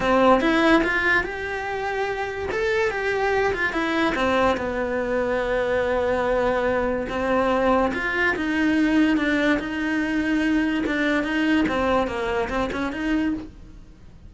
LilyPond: \new Staff \with { instrumentName = "cello" } { \time 4/4 \tempo 4 = 144 c'4 e'4 f'4 g'4~ | g'2 a'4 g'4~ | g'8 f'8 e'4 c'4 b4~ | b1~ |
b4 c'2 f'4 | dis'2 d'4 dis'4~ | dis'2 d'4 dis'4 | c'4 ais4 c'8 cis'8 dis'4 | }